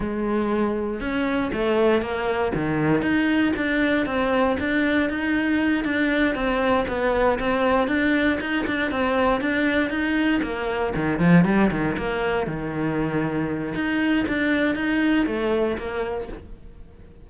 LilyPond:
\new Staff \with { instrumentName = "cello" } { \time 4/4 \tempo 4 = 118 gis2 cis'4 a4 | ais4 dis4 dis'4 d'4 | c'4 d'4 dis'4. d'8~ | d'8 c'4 b4 c'4 d'8~ |
d'8 dis'8 d'8 c'4 d'4 dis'8~ | dis'8 ais4 dis8 f8 g8 dis8 ais8~ | ais8 dis2~ dis8 dis'4 | d'4 dis'4 a4 ais4 | }